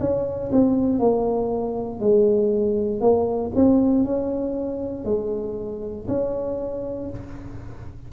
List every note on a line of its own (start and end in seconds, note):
0.00 0.51 C#4
0.52 0.99 C4
0.99 2.00 A#3
2.00 3.00 G#3
3.00 3.51 A#3
3.55 4.05 C4
4.05 5.05 C#4
5.05 6.06 G#3
6.08 7.10 C#4